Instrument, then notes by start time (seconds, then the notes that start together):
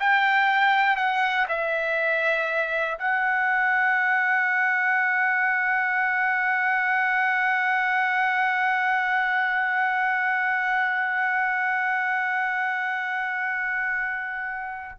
trumpet
0.00 G5
0.97 F#5
1.49 E5
2.99 F#5